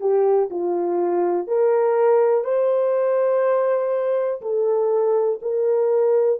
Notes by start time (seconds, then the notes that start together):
0.00 G4
0.50 F4
1.47 A#4
2.44 C5
4.41 A4
5.42 A#4